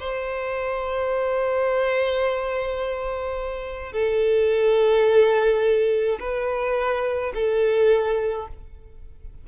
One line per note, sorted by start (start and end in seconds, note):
0.00 3.93 C5
3.93 6.19 A4
6.20 7.33 B4
7.35 8.48 A4